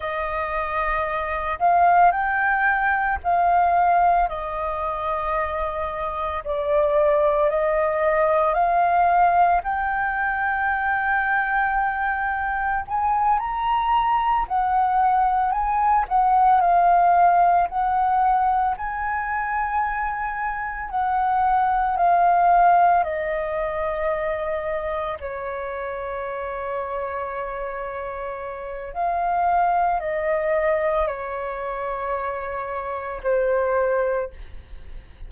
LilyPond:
\new Staff \with { instrumentName = "flute" } { \time 4/4 \tempo 4 = 56 dis''4. f''8 g''4 f''4 | dis''2 d''4 dis''4 | f''4 g''2. | gis''8 ais''4 fis''4 gis''8 fis''8 f''8~ |
f''8 fis''4 gis''2 fis''8~ | fis''8 f''4 dis''2 cis''8~ | cis''2. f''4 | dis''4 cis''2 c''4 | }